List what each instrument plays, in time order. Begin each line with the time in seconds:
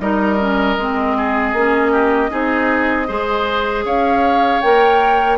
0.00 bassoon G3, clarinet D#4, oboe A#4, flute D#5
0.39 clarinet C#4
0.78 bassoon G#3, clarinet C4
1.17 oboe G#4
1.53 bassoon A#3, clarinet C#4
1.92 oboe G4
2.30 bassoon C4, clarinet D#4, oboe G#4
3.08 bassoon G#3, clarinet G#4, oboe C5
3.85 bassoon C#4, oboe C#5, flute F5
4.61 bassoon A#3, clarinet A#4, flute G5